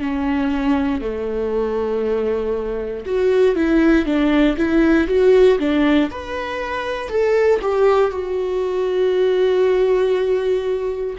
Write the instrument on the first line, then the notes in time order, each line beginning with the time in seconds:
viola
0.00 C#4
1.01 A3
3.06 F#4
3.55 E4
4.05 D4
4.57 E4
5.08 F#4
5.59 D4
6.11 B4
7.09 A4
7.61 G4
8.11 F#4